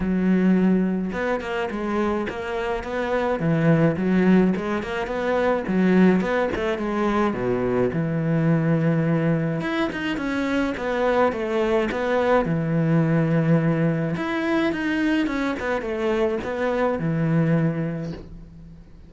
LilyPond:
\new Staff \with { instrumentName = "cello" } { \time 4/4 \tempo 4 = 106 fis2 b8 ais8 gis4 | ais4 b4 e4 fis4 | gis8 ais8 b4 fis4 b8 a8 | gis4 b,4 e2~ |
e4 e'8 dis'8 cis'4 b4 | a4 b4 e2~ | e4 e'4 dis'4 cis'8 b8 | a4 b4 e2 | }